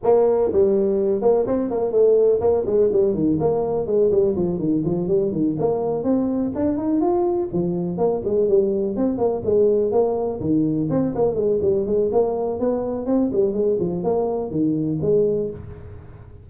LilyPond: \new Staff \with { instrumentName = "tuba" } { \time 4/4 \tempo 4 = 124 ais4 g4. ais8 c'8 ais8 | a4 ais8 gis8 g8 dis8 ais4 | gis8 g8 f8 dis8 f8 g8 dis8 ais8~ | ais8 c'4 d'8 dis'8 f'4 f8~ |
f8 ais8 gis8 g4 c'8 ais8 gis8~ | gis8 ais4 dis4 c'8 ais8 gis8 | g8 gis8 ais4 b4 c'8 g8 | gis8 f8 ais4 dis4 gis4 | }